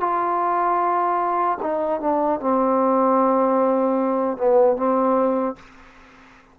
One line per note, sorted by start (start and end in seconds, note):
0.00 1.58 F4
1.62 2.00 D#4
2.00 2.40 D4
2.40 4.37 C4
4.37 4.77 B3
4.77 5.56 C4